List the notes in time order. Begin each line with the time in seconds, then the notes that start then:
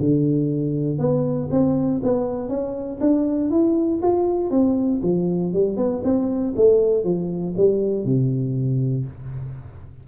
0.00 D3
0.99 B3
1.51 C4
2.04 B3
2.49 C#4
3.01 D4
3.51 E4
4.02 F4
4.51 C4
5.03 F3
5.53 G3
5.77 B3
6.04 C4
6.56 A3
7.04 F3
7.57 G3
8.05 C3